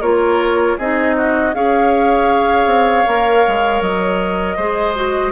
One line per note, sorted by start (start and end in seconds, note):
0.00 0.76 A#3
0.00 0.78 F4
0.00 0.76 A#4
0.00 0.77 C#5
0.77 1.54 C4
0.77 1.53 D#4
0.77 1.15 G#4
0.77 1.54 D#5
1.16 1.54 F#4
1.53 2.66 C#4
1.53 3.05 G#4
1.53 4.56 C#5
1.53 3.81 F5
2.66 3.03 C4
3.05 3.45 A#3
3.05 4.57 A#4
3.47 3.81 G#3
3.81 4.56 F#3
3.81 5.32 D#5
4.56 5.32 G#3
4.56 4.95 G#4
4.56 5.32 C5
4.95 5.32 F#4